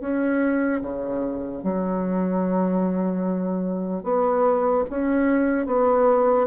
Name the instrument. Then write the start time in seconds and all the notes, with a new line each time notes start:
bassoon
0.00 C#4
0.81 C#3
1.63 F#3
4.03 B3
4.89 C#4
5.66 B3